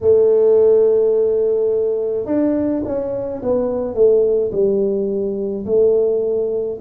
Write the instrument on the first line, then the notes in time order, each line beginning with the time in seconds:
tuba
0.01 A3
2.25 D4
2.85 C#4
3.42 B3
3.94 A3
4.51 G3
5.66 A3